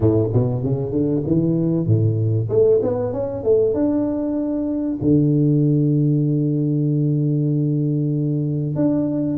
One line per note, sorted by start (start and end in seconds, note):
0.00 0.29 A2
0.33 0.62 B2
0.62 0.91 C#3
0.91 1.22 D3
1.26 1.86 E3
1.86 2.49 A2
2.49 2.80 A3
2.82 3.12 B3
3.12 3.43 C#4
3.43 3.74 A3
3.74 4.99 D4
5.01 8.75 D3
8.75 9.38 D4